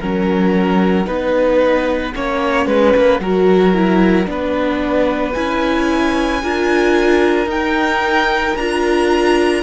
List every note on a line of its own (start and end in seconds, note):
0.00 1.07 F#3
0.00 1.06 C#4
0.00 1.07 A#4
0.00 5.34 F#5
1.06 2.14 B3
1.06 2.13 D#4
1.06 2.15 B4
2.15 2.67 A#3
2.15 3.21 C#4
2.15 2.67 C#5
2.67 2.93 G#3
2.67 3.21 B4
2.97 3.20 A#3
3.20 4.27 F#3
3.20 3.74 F#4
3.20 4.29 A#4
3.74 4.26 E4
4.26 5.35 B3
4.26 5.33 D4
4.26 6.43 B4
5.34 6.43 C#4
5.34 6.43 E4
5.34 7.48 G#5
6.43 7.46 D4
6.43 7.48 F4
6.43 9.63 A#4
7.46 8.54 D#4
7.46 8.55 D#4
7.46 8.57 G5
8.56 9.63 D4
8.56 9.63 F4
8.56 9.63 A#5